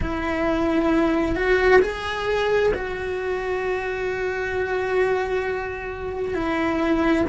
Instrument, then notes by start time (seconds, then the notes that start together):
cello
0.00 E4
1.35 F#4
1.81 G#4
2.74 F#4
6.34 E4